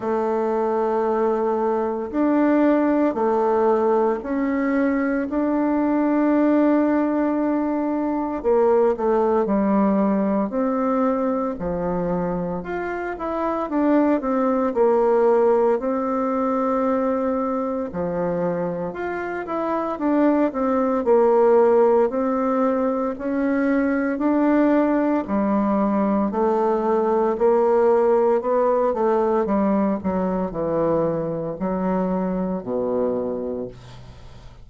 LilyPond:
\new Staff \with { instrumentName = "bassoon" } { \time 4/4 \tempo 4 = 57 a2 d'4 a4 | cis'4 d'2. | ais8 a8 g4 c'4 f4 | f'8 e'8 d'8 c'8 ais4 c'4~ |
c'4 f4 f'8 e'8 d'8 c'8 | ais4 c'4 cis'4 d'4 | g4 a4 ais4 b8 a8 | g8 fis8 e4 fis4 b,4 | }